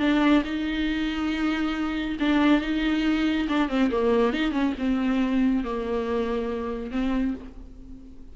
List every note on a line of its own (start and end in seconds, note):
0.00 0.43 D4
0.45 2.18 D#4
2.20 2.62 D4
2.62 3.48 D#4
3.49 3.69 D4
3.69 3.91 C4
3.92 4.34 A#3
4.34 4.52 D#4
4.52 4.74 C#4
4.79 5.64 C4
5.64 6.92 A#3
6.92 7.35 C4